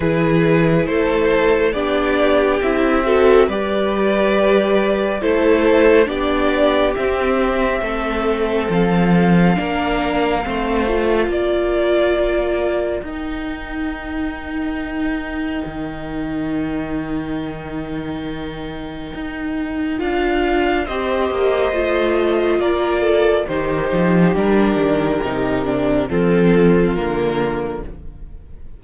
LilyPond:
<<
  \new Staff \with { instrumentName = "violin" } { \time 4/4 \tempo 4 = 69 b'4 c''4 d''4 e''4 | d''2 c''4 d''4 | e''2 f''2~ | f''4 d''2 g''4~ |
g''1~ | g''2. f''4 | dis''2 d''4 c''4 | ais'2 a'4 ais'4 | }
  \new Staff \with { instrumentName = "violin" } { \time 4/4 gis'4 a'4 g'4. a'8 | b'2 a'4 g'4~ | g'4 a'2 ais'4 | c''4 ais'2.~ |
ais'1~ | ais'1 | c''2 ais'8 a'8 g'4~ | g'2 f'2 | }
  \new Staff \with { instrumentName = "viola" } { \time 4/4 e'2 d'4 e'8 fis'8 | g'2 e'4 d'4 | c'2. d'4 | c'8 f'2~ f'8 dis'4~ |
dis'1~ | dis'2. f'4 | g'4 f'2 dis'4 | d'4 dis'8 d'8 c'4 ais4 | }
  \new Staff \with { instrumentName = "cello" } { \time 4/4 e4 a4 b4 c'4 | g2 a4 b4 | c'4 a4 f4 ais4 | a4 ais2 dis'4~ |
dis'2 dis2~ | dis2 dis'4 d'4 | c'8 ais8 a4 ais4 dis8 f8 | g8 dis8 c4 f4 d4 | }
>>